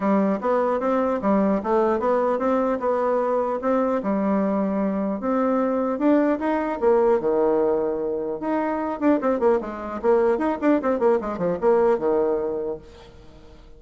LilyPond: \new Staff \with { instrumentName = "bassoon" } { \time 4/4 \tempo 4 = 150 g4 b4 c'4 g4 | a4 b4 c'4 b4~ | b4 c'4 g2~ | g4 c'2 d'4 |
dis'4 ais4 dis2~ | dis4 dis'4. d'8 c'8 ais8 | gis4 ais4 dis'8 d'8 c'8 ais8 | gis8 f8 ais4 dis2 | }